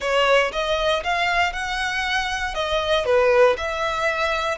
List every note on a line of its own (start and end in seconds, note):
0.00 0.51 C#5
0.52 1.03 D#5
1.03 1.52 F5
1.52 2.54 F#5
2.54 3.05 D#5
3.05 3.56 B4
3.57 4.58 E5